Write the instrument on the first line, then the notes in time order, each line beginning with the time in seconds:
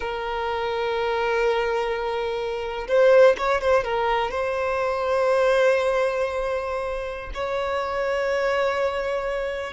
violin
0.00 A#4
2.88 C5
3.37 C#5
3.61 C5
3.84 A#4
4.30 C5
7.34 C#5